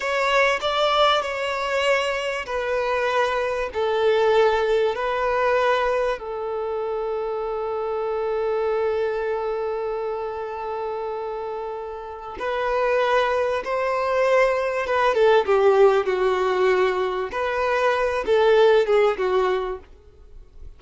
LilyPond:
\new Staff \with { instrumentName = "violin" } { \time 4/4 \tempo 4 = 97 cis''4 d''4 cis''2 | b'2 a'2 | b'2 a'2~ | a'1~ |
a'1 | b'2 c''2 | b'8 a'8 g'4 fis'2 | b'4. a'4 gis'8 fis'4 | }